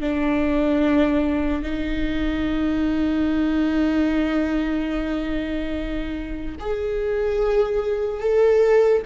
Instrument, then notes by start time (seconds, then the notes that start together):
viola
0.00 D4
1.62 D#4
6.59 G#4
8.20 A4